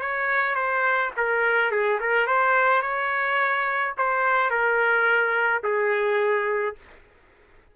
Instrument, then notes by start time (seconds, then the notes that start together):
trumpet
0.00 C#5
0.55 C5
1.16 A#4
1.71 G#4
2.00 A#4
2.27 C5
2.82 C#5
3.97 C5
4.50 A#4
5.63 G#4